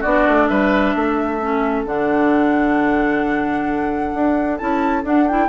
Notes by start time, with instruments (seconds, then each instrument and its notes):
0.00 bassoon B3, clarinet D4, oboe F#4, flute D5
0.27 bassoon A3
0.47 bassoon G3, oboe B4, flute E5
0.95 bassoon A3, oboe A4
1.40 clarinet C#4
1.85 bassoon D3, clarinet D4, flute F#5
4.14 bassoon D4
4.57 bassoon C#4, clarinet E4, flute A5
5.03 bassoon D4, clarinet D4, flute F#5
5.28 clarinet E4, flute G5